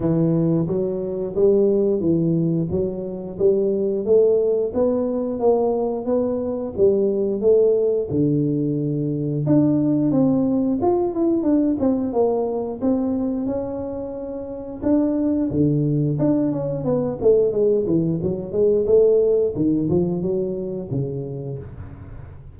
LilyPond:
\new Staff \with { instrumentName = "tuba" } { \time 4/4 \tempo 4 = 89 e4 fis4 g4 e4 | fis4 g4 a4 b4 | ais4 b4 g4 a4 | d2 d'4 c'4 |
f'8 e'8 d'8 c'8 ais4 c'4 | cis'2 d'4 d4 | d'8 cis'8 b8 a8 gis8 e8 fis8 gis8 | a4 dis8 f8 fis4 cis4 | }